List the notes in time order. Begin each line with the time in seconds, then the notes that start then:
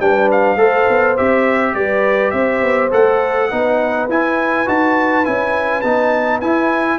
0.00 G3 D4 B4 G5
0.32 F5
0.56 A3 A4 C5
0.90 B3
1.17 C4 G4 E5
1.74 G3 B4 D5
2.31 C4 C5 E5
2.62 B3
2.91 A3 A4 F#5
3.51 B3 D#4 B4
4.09 E4 G#5
4.67 D#4 F#4 A5
5.25 C#4 E4 G#5
5.82 B3 D#4 A5
6.41 E4 G#5